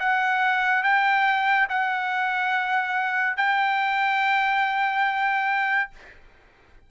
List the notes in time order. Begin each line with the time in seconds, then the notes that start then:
0.00 F#5
0.84 G5
1.70 F#5
3.38 G5